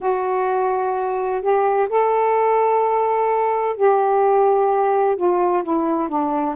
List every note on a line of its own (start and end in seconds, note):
0.00 1.41 F#4
1.41 1.88 G4
1.89 3.76 A4
3.76 5.16 G4
5.16 5.62 F4
5.63 6.09 E4
6.09 6.55 D4